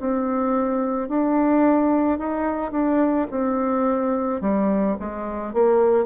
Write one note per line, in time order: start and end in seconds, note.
0.00 1.09 C4
1.09 2.19 D4
2.19 2.72 D#4
2.72 3.27 D4
3.30 4.41 C4
4.41 4.97 G3
4.99 5.53 G#3
5.53 6.06 A#3